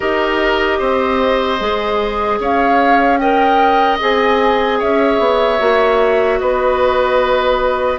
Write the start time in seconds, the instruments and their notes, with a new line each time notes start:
0.00 bassoon D#4, clarinet G4, oboe A#4, flute D#5
0.79 bassoon C4, oboe C5
1.59 bassoon G#3, clarinet G#4
2.39 bassoon C#4, oboe C#5, flute F5
3.17 clarinet A#4, oboe D#5, flute G5
4.00 bassoon C4, clarinet G#4, flute G#5
4.79 bassoon C#4, oboe C#5, flute E5
5.19 bassoon B3
5.58 bassoon A#3, clarinet F#4
6.39 bassoon B3, oboe B4, flute D#5